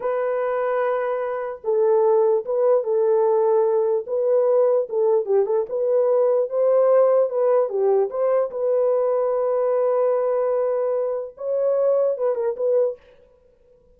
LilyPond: \new Staff \with { instrumentName = "horn" } { \time 4/4 \tempo 4 = 148 b'1 | a'2 b'4 a'4~ | a'2 b'2 | a'4 g'8 a'8 b'2 |
c''2 b'4 g'4 | c''4 b'2.~ | b'1 | cis''2 b'8 ais'8 b'4 | }